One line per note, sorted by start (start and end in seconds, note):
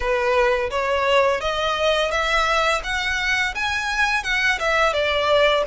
0.00 0.69 B4
0.70 1.41 C#5
1.41 2.11 D#5
2.11 2.81 E5
2.83 3.54 F#5
3.55 4.23 G#5
4.23 4.59 F#5
4.59 4.93 E5
4.93 5.63 D5